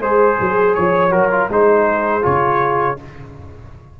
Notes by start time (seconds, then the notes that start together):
0.00 G#3 G#4 C5
0.38 F#3 G#4
0.75 F3 C#5
1.10 F#3 F#4 A#4
1.31 F4
1.49 G#3 D#4 G#4 C5
2.22 C#3 F4 C#5